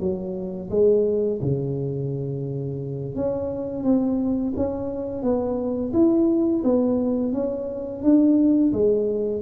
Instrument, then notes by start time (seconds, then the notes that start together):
tuba
0.00 F#3
0.70 G#3
1.42 C#3
3.16 C#4
3.84 C4
4.56 C#4
5.23 B3
5.93 E4
6.64 B3
7.33 C#4
8.03 D4
8.73 G#3